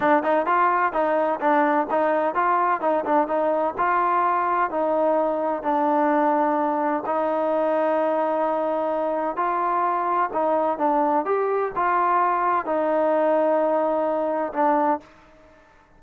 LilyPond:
\new Staff \with { instrumentName = "trombone" } { \time 4/4 \tempo 4 = 128 d'8 dis'8 f'4 dis'4 d'4 | dis'4 f'4 dis'8 d'8 dis'4 | f'2 dis'2 | d'2. dis'4~ |
dis'1 | f'2 dis'4 d'4 | g'4 f'2 dis'4~ | dis'2. d'4 | }